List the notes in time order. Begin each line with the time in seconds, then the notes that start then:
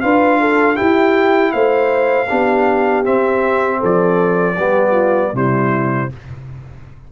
0.00 D4 F4 B4 F5
0.40 A4
0.75 E4 G4 G5
1.51 A3 C5 F5
2.29 B3 D4 G4
3.04 C4 E5
3.79 F3 A4 D5
4.56 G3 B3 G4
4.91 F4
5.33 C3 G3 E4 C5